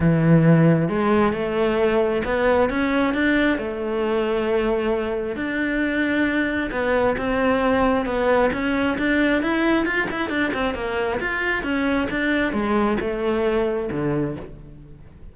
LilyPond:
\new Staff \with { instrumentName = "cello" } { \time 4/4 \tempo 4 = 134 e2 gis4 a4~ | a4 b4 cis'4 d'4 | a1 | d'2. b4 |
c'2 b4 cis'4 | d'4 e'4 f'8 e'8 d'8 c'8 | ais4 f'4 cis'4 d'4 | gis4 a2 d4 | }